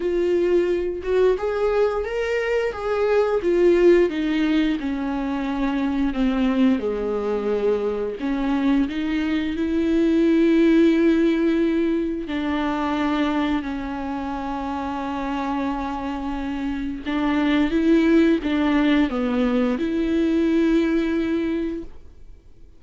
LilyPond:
\new Staff \with { instrumentName = "viola" } { \time 4/4 \tempo 4 = 88 f'4. fis'8 gis'4 ais'4 | gis'4 f'4 dis'4 cis'4~ | cis'4 c'4 gis2 | cis'4 dis'4 e'2~ |
e'2 d'2 | cis'1~ | cis'4 d'4 e'4 d'4 | b4 e'2. | }